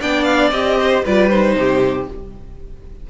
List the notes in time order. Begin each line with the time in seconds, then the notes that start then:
0.00 B3 D4 D5 G5
0.24 F5
0.51 C4 G4 D#5
0.79 C5
1.04 G3 F4 B4 D5
1.29 D#4 C5
1.55 C3 G4